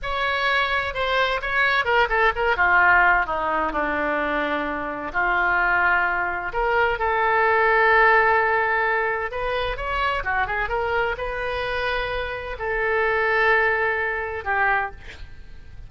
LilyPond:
\new Staff \with { instrumentName = "oboe" } { \time 4/4 \tempo 4 = 129 cis''2 c''4 cis''4 | ais'8 a'8 ais'8 f'4. dis'4 | d'2. f'4~ | f'2 ais'4 a'4~ |
a'1 | b'4 cis''4 fis'8 gis'8 ais'4 | b'2. a'4~ | a'2. g'4 | }